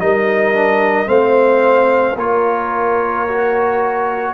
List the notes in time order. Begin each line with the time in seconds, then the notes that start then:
0.00 G3 D#4 A#4 D#5
0.54 D4
1.07 A3 C4 C5 F5
2.16 A#3 F4 A#4 C#5
3.29 F#4